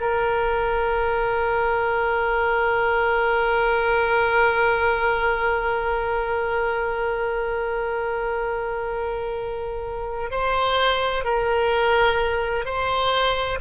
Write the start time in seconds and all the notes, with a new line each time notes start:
0.00 A#4
10.30 C5
11.24 A#4
12.65 C5